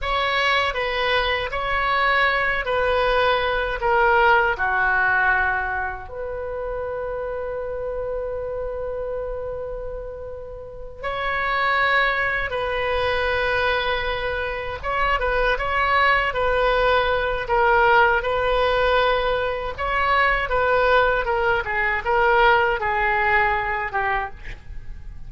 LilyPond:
\new Staff \with { instrumentName = "oboe" } { \time 4/4 \tempo 4 = 79 cis''4 b'4 cis''4. b'8~ | b'4 ais'4 fis'2 | b'1~ | b'2~ b'8 cis''4.~ |
cis''8 b'2. cis''8 | b'8 cis''4 b'4. ais'4 | b'2 cis''4 b'4 | ais'8 gis'8 ais'4 gis'4. g'8 | }